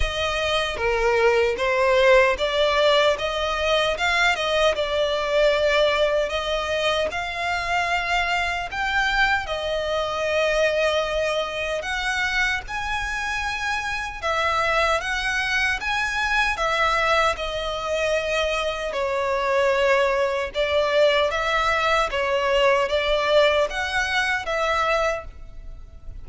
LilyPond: \new Staff \with { instrumentName = "violin" } { \time 4/4 \tempo 4 = 76 dis''4 ais'4 c''4 d''4 | dis''4 f''8 dis''8 d''2 | dis''4 f''2 g''4 | dis''2. fis''4 |
gis''2 e''4 fis''4 | gis''4 e''4 dis''2 | cis''2 d''4 e''4 | cis''4 d''4 fis''4 e''4 | }